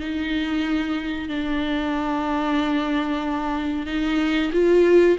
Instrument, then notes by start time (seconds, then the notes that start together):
viola
0.00 D#4
1.28 D4
3.87 D#4
4.52 F4